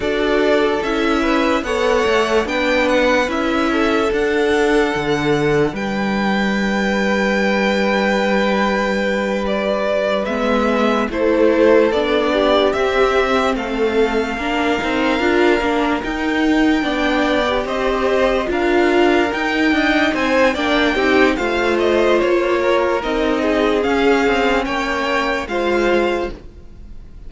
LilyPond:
<<
  \new Staff \with { instrumentName = "violin" } { \time 4/4 \tempo 4 = 73 d''4 e''4 fis''4 g''8 fis''8 | e''4 fis''2 g''4~ | g''2.~ g''8 d''8~ | d''8 e''4 c''4 d''4 e''8~ |
e''8 f''2. g''8~ | g''4. dis''4 f''4 g''8~ | g''8 gis''8 g''4 f''8 dis''8 cis''4 | dis''4 f''4 g''4 f''4 | }
  \new Staff \with { instrumentName = "violin" } { \time 4/4 a'4. b'8 cis''4 b'4~ | b'8 a'2~ a'8 b'4~ | b'1~ | b'4. a'4. g'4~ |
g'8 a'4 ais'2~ ais'8~ | ais'8 d''4 c''4 ais'4. | dis''8 c''8 d''8 g'8 c''4. ais'8~ | ais'8 gis'4. cis''4 c''4 | }
  \new Staff \with { instrumentName = "viola" } { \time 4/4 fis'4 e'4 a'4 d'4 | e'4 d'2.~ | d'1~ | d'8 b4 e'4 d'4 c'8~ |
c'4. d'8 dis'8 f'8 d'8 dis'8~ | dis'8 d'8. g'4~ g'16 f'4 dis'8~ | dis'4 d'8 dis'8 f'2 | dis'4 cis'2 f'4 | }
  \new Staff \with { instrumentName = "cello" } { \time 4/4 d'4 cis'4 b8 a8 b4 | cis'4 d'4 d4 g4~ | g1~ | g8 gis4 a4 b4 c'8~ |
c'8 a4 ais8 c'8 d'8 ais8 dis'8~ | dis'8 b4 c'4 d'4 dis'8 | d'8 c'8 ais8 c'8 a4 ais4 | c'4 cis'8 c'8 ais4 gis4 | }
>>